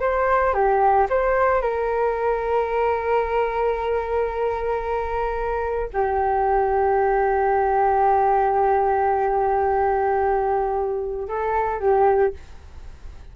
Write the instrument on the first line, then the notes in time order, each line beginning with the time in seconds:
flute
0.00 C5
0.53 G4
1.10 C5
1.61 A#4
5.93 G4
11.28 A4
11.80 G4